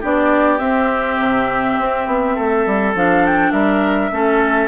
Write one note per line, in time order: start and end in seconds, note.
0.00 0.60 B3
0.00 0.59 D4
0.00 2.35 G4
0.00 0.58 D5
0.58 2.94 C4
0.58 1.19 C4
0.58 2.94 E5
1.19 1.78 C3
1.78 2.06 C4
2.06 2.36 B3
2.35 2.66 A3
2.35 3.52 A4
2.66 2.94 G3
2.94 3.52 F3
2.94 4.11 D4
2.94 3.25 F5
3.25 3.51 G5
3.51 4.11 G3
3.51 4.10 A#4
3.51 4.68 E5
4.11 4.68 A3
4.11 4.68 C#4
4.11 4.68 A4